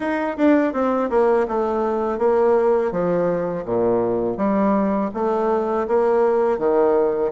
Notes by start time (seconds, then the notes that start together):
0.00 D#4
0.37 D4
0.73 C4
1.10 A#3
1.48 A3
2.18 A#3
2.91 F3
3.65 A#2
4.37 G3
5.14 A3
5.87 A#3
6.58 D#3